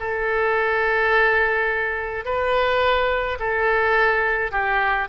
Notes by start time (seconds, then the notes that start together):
0.00 A4
2.25 B4
3.40 A4
4.52 G4